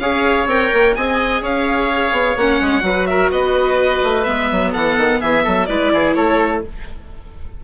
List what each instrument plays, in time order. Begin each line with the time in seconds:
0.00 bassoon C#4, viola G#4, oboe C#5, violin F5
0.46 bassoon C4, viola A#4, violin G5
0.74 bassoon A#3
0.95 bassoon C4, viola G#4, oboe D#5, violin G#5
1.42 bassoon C#4, oboe C#5, violin F5
2.12 bassoon B3
2.37 bassoon A#3, viola C#4, violin F#5
2.61 bassoon G#3
2.81 bassoon F#3, viola F#4, oboe B4
3.07 oboe A#4, violin E5
3.32 bassoon B3, oboe B4, violin D#5
4.04 bassoon A3
4.24 bassoon G#3, viola B3, violin E5
4.52 bassoon F#3
4.72 bassoon E3, oboe A4, violin F#5
4.98 bassoon D#3
5.21 bassoon E3, oboe G#4, violin E5
5.44 bassoon F#3, oboe A4
5.67 bassoon G#3, viola E4, oboe B4, violin D5
5.93 bassoon E3, oboe G#4
6.15 bassoon A3, oboe A4, violin C#5